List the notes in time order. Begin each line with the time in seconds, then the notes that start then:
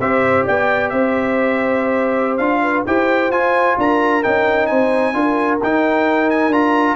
0.00 C4 G4 C5 E5
0.46 B3 D5 G5
0.90 C4 C5 E5
2.38 D4 F4 F5
2.63 B4
2.87 E4 G4 C5 G5
3.30 F4 G#5
3.78 D4 A#4 A#5
4.24 C#4 D#4 G5
4.67 C4 C5 G#5
5.14 D4 F4 A#4
5.63 D#4 G5
6.31 G#5
6.49 D4 F4 A#5